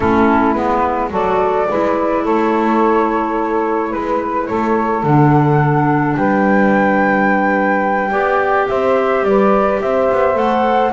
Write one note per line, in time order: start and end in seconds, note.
0.00 0.54 A3
0.00 0.55 C#4
0.00 1.10 E4
0.00 0.53 A4
0.53 1.10 G#3
0.53 1.10 B3
0.53 1.09 B4
1.10 1.66 F#3
1.10 1.66 F#4
1.10 1.67 A4
1.10 2.25 D5
1.69 2.25 G#3
1.69 5.05 E4
1.69 2.23 B4
2.23 3.93 A3
2.23 3.89 A4
2.23 3.93 C#5
3.89 4.49 G#3
3.89 4.45 B4
3.89 4.46 B4
4.46 5.03 A3
4.46 6.17 A4
4.46 5.02 C#5
5.03 6.15 D3
5.03 8.11 D4
5.03 6.16 F#5
6.16 8.11 G3
6.16 8.10 B4
6.16 8.68 G5
8.10 8.67 B3
8.10 10.34 G4
8.10 8.66 D5
8.68 9.22 C4
8.68 9.25 C5
8.68 9.24 E5
9.22 9.79 G3
9.22 9.82 B4
9.22 9.80 D5
9.81 10.10 C4
9.81 10.92 C5
9.81 10.37 E5
10.12 10.35 B3
10.34 10.91 A3
10.34 10.91 A4
10.34 10.92 F#5